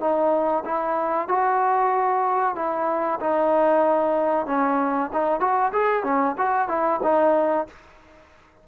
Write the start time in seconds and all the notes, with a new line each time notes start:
0.00 D#4
0.65 E4
1.28 F#4
2.56 E4
3.20 D#4
4.46 C#4
5.13 D#4
5.40 F#4
5.73 G#4
6.03 C#4
6.38 F#4
6.68 E4
7.03 D#4